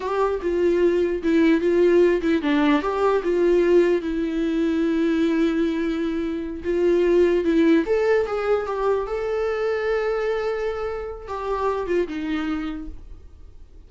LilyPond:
\new Staff \with { instrumentName = "viola" } { \time 4/4 \tempo 4 = 149 g'4 f'2 e'4 | f'4. e'8 d'4 g'4 | f'2 e'2~ | e'1~ |
e'8 f'2 e'4 a'8~ | a'8 gis'4 g'4 a'4.~ | a'1 | g'4. f'8 dis'2 | }